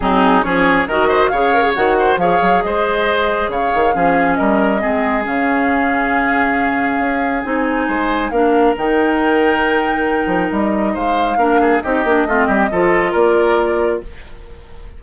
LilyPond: <<
  \new Staff \with { instrumentName = "flute" } { \time 4/4 \tempo 4 = 137 gis'4 cis''4 dis''4 f''4 | fis''4 f''4 dis''2 | f''2 dis''2 | f''1~ |
f''4 gis''2 f''4 | g''1 | dis''4 f''2 dis''4~ | dis''2 d''2 | }
  \new Staff \with { instrumentName = "oboe" } { \time 4/4 dis'4 gis'4 ais'8 c''8 cis''4~ | cis''8 c''8 cis''4 c''2 | cis''4 gis'4 ais'4 gis'4~ | gis'1~ |
gis'2 c''4 ais'4~ | ais'1~ | ais'4 c''4 ais'8 gis'8 g'4 | f'8 g'8 a'4 ais'2 | }
  \new Staff \with { instrumentName = "clarinet" } { \time 4/4 c'4 cis'4 fis'4 gis'8 ais'16 gis'16 | fis'4 gis'2.~ | gis'4 cis'2 c'4 | cis'1~ |
cis'4 dis'2 d'4 | dis'1~ | dis'2 d'4 dis'8 d'8 | c'4 f'2. | }
  \new Staff \with { instrumentName = "bassoon" } { \time 4/4 fis4 f4 dis4 cis4 | dis4 f8 fis8 gis2 | cis8 dis8 f4 g4 gis4 | cis1 |
cis'4 c'4 gis4 ais4 | dis2.~ dis8 f8 | g4 gis4 ais4 c'8 ais8 | a8 g8 f4 ais2 | }
>>